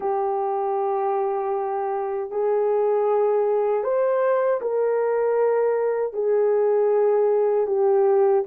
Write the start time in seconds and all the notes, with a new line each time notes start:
0.00 G4
2.30 G#4
3.83 C5
4.61 A#4
6.13 G#4
7.66 G4